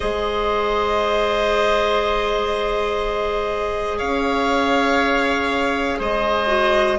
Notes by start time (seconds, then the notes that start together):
0.00 G#3 G#4 C5 D#5
3.98 C#4 C#5 F5
5.98 G#3 C5 D#5
6.46 F#4